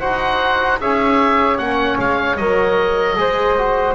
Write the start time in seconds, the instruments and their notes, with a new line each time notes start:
0.00 double bass D#4, trombone F#4, flute C5, oboe F#5
0.81 double bass C#4, trombone G#4, flute C#5, oboe E5
1.58 double bass A#3, trombone C#4, oboe F#5
1.99 double bass G#3, oboe F5
2.37 double bass F#3, trombone A#4, oboe D#5
3.16 double bass G#3, trombone G#4, flute C5
3.58 trombone F#4